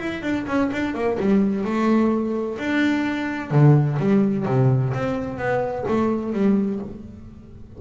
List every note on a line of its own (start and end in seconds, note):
0.00 0.23 E4
0.23 0.46 D4
0.47 0.71 C#4
0.73 0.95 D4
0.95 1.18 A#3
1.20 1.65 G3
1.65 2.58 A3
2.59 3.51 D4
3.51 3.98 D3
4.00 4.46 G3
4.46 4.93 C3
4.94 5.38 C4
5.38 5.85 B3
5.88 6.33 A3
6.33 6.80 G3